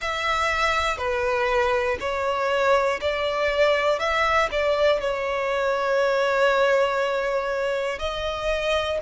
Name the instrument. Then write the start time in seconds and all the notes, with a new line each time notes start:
violin
0.01 E5
0.97 B4
2.00 C#5
3.00 D5
3.99 E5
4.51 D5
5.00 C#5
7.99 D#5